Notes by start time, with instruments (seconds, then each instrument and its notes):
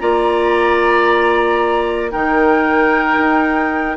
0.00 bassoon A#3, clarinet F4, oboe D5, flute A#5
2.12 bassoon D#3, clarinet D#4, oboe A#4, flute G5
3.18 bassoon D#4